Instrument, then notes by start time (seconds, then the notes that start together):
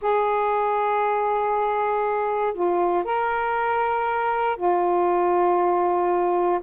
saxophone
0.01 G#4
2.53 F4
3.04 A#4
4.56 F4